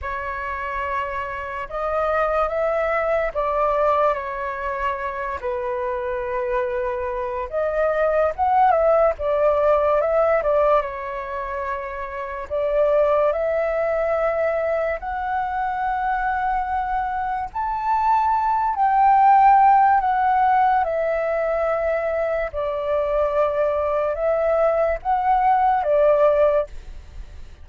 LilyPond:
\new Staff \with { instrumentName = "flute" } { \time 4/4 \tempo 4 = 72 cis''2 dis''4 e''4 | d''4 cis''4. b'4.~ | b'4 dis''4 fis''8 e''8 d''4 | e''8 d''8 cis''2 d''4 |
e''2 fis''2~ | fis''4 a''4. g''4. | fis''4 e''2 d''4~ | d''4 e''4 fis''4 d''4 | }